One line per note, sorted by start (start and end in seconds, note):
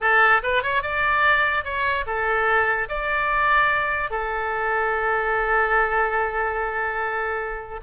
0.01 0.42 A4
0.42 0.63 B4
0.63 0.82 C#5
0.82 1.64 D5
1.64 2.05 C#5
2.06 2.88 A4
2.88 4.10 D5
4.10 7.80 A4